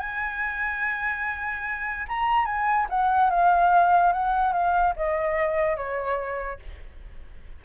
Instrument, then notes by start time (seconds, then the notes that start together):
flute
0.00 G#5
2.09 A#5
2.46 G#5
2.90 F#5
3.31 F5
4.13 F#5
4.53 F5
4.97 D#5
5.77 C#5